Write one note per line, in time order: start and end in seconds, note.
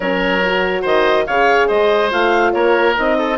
0.00 0.83 F#3
0.00 0.43 C#4
0.00 0.81 A#4
0.00 0.84 C#5
0.43 1.28 F#4
0.81 1.26 D#3
0.81 1.23 C5
0.81 1.26 D#5
1.26 1.70 C#3
1.26 2.10 G#4
1.26 1.67 C#5
1.26 1.68 F5
1.67 2.12 G#3
1.67 2.52 C5
1.67 2.10 D#5
2.10 2.53 A3
2.10 2.94 F4
2.10 2.53 F5
2.53 2.95 A#3
2.53 3.17 A#4
2.53 2.95 C#5
2.95 3.37 C4
2.95 3.37 D#4
2.95 3.37 D#5
3.18 3.37 A4